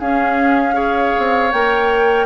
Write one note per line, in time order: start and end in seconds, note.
0.00 1.14 C#4
0.00 0.74 C#4
0.00 0.75 G#4
0.00 1.52 F5
0.74 1.50 G#4
0.74 2.27 C#5
1.19 1.53 C4
1.52 2.27 A#3
1.52 2.27 A#4
1.52 2.27 G5